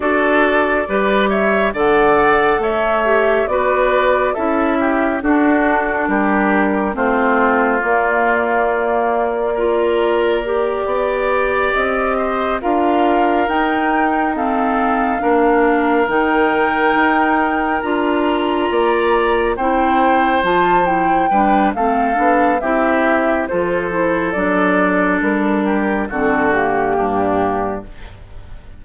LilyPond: <<
  \new Staff \with { instrumentName = "flute" } { \time 4/4 \tempo 4 = 69 d''4. e''8 fis''4 e''4 | d''4 e''4 a'4 ais'4 | c''4 d''2.~ | d''4. dis''4 f''4 g''8~ |
g''8 f''2 g''4.~ | g''8 ais''2 g''4 a''8 | g''4 f''4 e''4 c''4 | d''4 ais'4 a'8 g'4. | }
  \new Staff \with { instrumentName = "oboe" } { \time 4/4 a'4 b'8 cis''8 d''4 cis''4 | b'4 a'8 g'8 fis'4 g'4 | f'2. ais'4~ | ais'8 d''4. c''8 ais'4.~ |
ais'8 a'4 ais'2~ ais'8~ | ais'4. d''4 c''4.~ | c''8 b'8 a'4 g'4 a'4~ | a'4. g'8 fis'4 d'4 | }
  \new Staff \with { instrumentName = "clarinet" } { \time 4/4 fis'4 g'4 a'4. g'8 | fis'4 e'4 d'2 | c'4 ais2 f'4 | g'2~ g'8 f'4 dis'8~ |
dis'8 c'4 d'4 dis'4.~ | dis'8 f'2 e'4 f'8 | e'8 d'8 c'8 d'8 e'4 f'8 e'8 | d'2 c'8 ais4. | }
  \new Staff \with { instrumentName = "bassoon" } { \time 4/4 d'4 g4 d4 a4 | b4 cis'4 d'4 g4 | a4 ais2.~ | ais8 b4 c'4 d'4 dis'8~ |
dis'4. ais4 dis4 dis'8~ | dis'8 d'4 ais4 c'4 f8~ | f8 g8 a8 b8 c'4 f4 | fis4 g4 d4 g,4 | }
>>